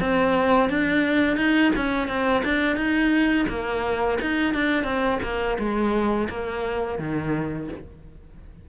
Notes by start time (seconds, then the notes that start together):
0.00 C4
0.70 D4
1.37 D#4
1.76 C#4
2.08 C4
2.45 D4
2.77 D#4
3.49 A#3
4.21 D#4
4.54 D4
4.84 C4
5.23 A#3
5.59 G#3
6.29 A#3
6.99 D#3